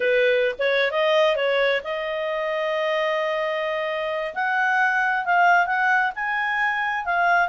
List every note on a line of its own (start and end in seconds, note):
0.00 0.55 B4
0.58 0.91 C#5
0.91 1.36 D#5
1.36 1.81 C#5
1.83 4.33 D#5
4.34 5.25 F#5
5.25 5.66 F5
5.66 6.12 F#5
6.15 7.05 G#5
7.05 7.48 F5